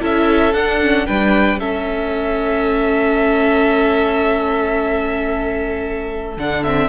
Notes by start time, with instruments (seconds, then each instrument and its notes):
0.00 cello C#4, viola E4, violin A4 E5
0.53 cello D4, viola D4, violin F#5
0.82 viola C#4
1.07 cello G3, viola D4, violin B4 G5
1.59 cello A3, viola C#4, violin A4 E5
6.37 cello D3, viola D4, violin F#5
6.64 viola C4, violin E5